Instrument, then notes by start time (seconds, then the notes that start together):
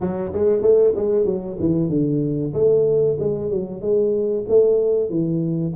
tuba
0.00 F#3
0.32 G#3
0.62 A3
0.95 G#3
1.25 F#3
1.59 E3
1.89 D3
2.53 A3
3.19 G#3
3.50 F#3
3.81 G#3
4.48 A3
5.09 E3